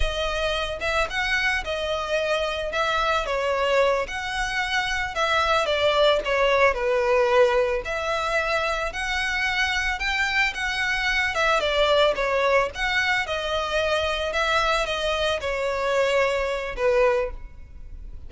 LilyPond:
\new Staff \with { instrumentName = "violin" } { \time 4/4 \tempo 4 = 111 dis''4. e''8 fis''4 dis''4~ | dis''4 e''4 cis''4. fis''8~ | fis''4. e''4 d''4 cis''8~ | cis''8 b'2 e''4.~ |
e''8 fis''2 g''4 fis''8~ | fis''4 e''8 d''4 cis''4 fis''8~ | fis''8 dis''2 e''4 dis''8~ | dis''8 cis''2~ cis''8 b'4 | }